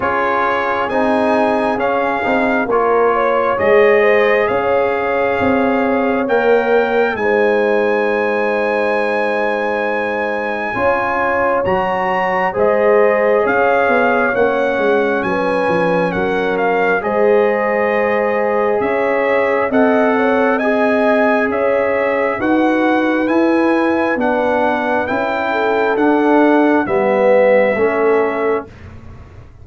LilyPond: <<
  \new Staff \with { instrumentName = "trumpet" } { \time 4/4 \tempo 4 = 67 cis''4 gis''4 f''4 cis''4 | dis''4 f''2 g''4 | gis''1~ | gis''4 ais''4 dis''4 f''4 |
fis''4 gis''4 fis''8 f''8 dis''4~ | dis''4 e''4 fis''4 gis''4 | e''4 fis''4 gis''4 fis''4 | g''4 fis''4 e''2 | }
  \new Staff \with { instrumentName = "horn" } { \time 4/4 gis'2. ais'8 cis''8~ | cis''8 c''8 cis''2. | c''1 | cis''2 c''4 cis''4~ |
cis''4 b'4 ais'4 c''4~ | c''4 cis''4 dis''8 cis''8 dis''4 | cis''4 b'2.~ | b'8 a'4. b'4 a'4 | }
  \new Staff \with { instrumentName = "trombone" } { \time 4/4 f'4 dis'4 cis'8 dis'8 f'4 | gis'2. ais'4 | dis'1 | f'4 fis'4 gis'2 |
cis'2. gis'4~ | gis'2 a'4 gis'4~ | gis'4 fis'4 e'4 d'4 | e'4 d'4 b4 cis'4 | }
  \new Staff \with { instrumentName = "tuba" } { \time 4/4 cis'4 c'4 cis'8 c'8 ais4 | gis4 cis'4 c'4 ais4 | gis1 | cis'4 fis4 gis4 cis'8 b8 |
ais8 gis8 fis8 f8 fis4 gis4~ | gis4 cis'4 c'2 | cis'4 dis'4 e'4 b4 | cis'4 d'4 g4 a4 | }
>>